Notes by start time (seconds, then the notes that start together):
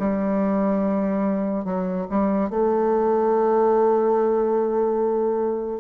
0.00 G3
1.65 F#3
2.10 G3
2.50 A3